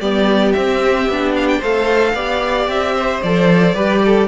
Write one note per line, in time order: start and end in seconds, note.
0.00 0.55 G3
0.00 0.56 B3
0.00 1.59 G4
0.00 0.53 D5
0.53 1.08 C4
0.53 1.10 C4
0.53 1.33 E5
1.08 1.62 B3
1.08 1.63 D4
1.36 1.48 F5
1.48 1.62 G5
1.59 2.14 A3
1.59 2.16 A4
1.59 2.13 C5
1.59 2.69 F5
2.14 2.67 B3
2.14 3.23 G4
2.14 2.95 D5
2.67 3.21 C4
2.67 3.23 E5
2.97 3.75 C5
3.23 3.74 F3
3.23 3.75 A4
3.23 4.28 D5
3.74 4.28 G3
3.74 4.28 G4
3.74 4.02 B4
4.06 4.28 A4